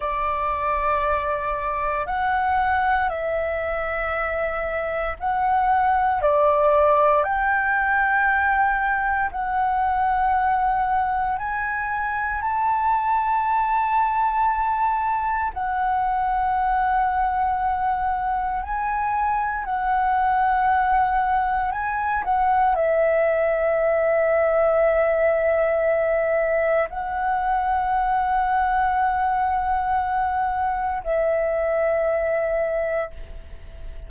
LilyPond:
\new Staff \with { instrumentName = "flute" } { \time 4/4 \tempo 4 = 58 d''2 fis''4 e''4~ | e''4 fis''4 d''4 g''4~ | g''4 fis''2 gis''4 | a''2. fis''4~ |
fis''2 gis''4 fis''4~ | fis''4 gis''8 fis''8 e''2~ | e''2 fis''2~ | fis''2 e''2 | }